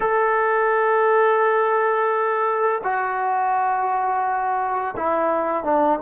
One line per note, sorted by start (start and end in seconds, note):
0.00 2.81 A4
2.83 4.95 F#4
4.96 5.63 E4
5.63 5.99 D4